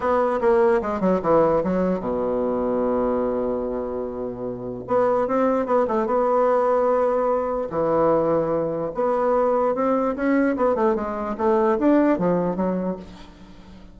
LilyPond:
\new Staff \with { instrumentName = "bassoon" } { \time 4/4 \tempo 4 = 148 b4 ais4 gis8 fis8 e4 | fis4 b,2.~ | b,1 | b4 c'4 b8 a8 b4~ |
b2. e4~ | e2 b2 | c'4 cis'4 b8 a8 gis4 | a4 d'4 f4 fis4 | }